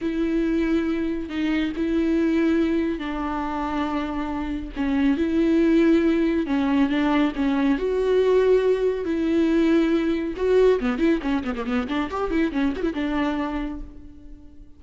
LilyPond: \new Staff \with { instrumentName = "viola" } { \time 4/4 \tempo 4 = 139 e'2. dis'4 | e'2. d'4~ | d'2. cis'4 | e'2. cis'4 |
d'4 cis'4 fis'2~ | fis'4 e'2. | fis'4 b8 e'8 cis'8 b16 ais16 b8 d'8 | g'8 e'8 cis'8 fis'16 e'16 d'2 | }